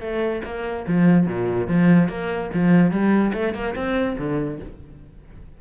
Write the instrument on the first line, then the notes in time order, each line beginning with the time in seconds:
cello
0.00 A3
0.44 A#3
0.87 F3
1.26 A#2
1.67 F3
2.08 A#3
2.53 F3
2.91 G3
3.33 A3
3.54 A#3
3.75 C4
4.18 D3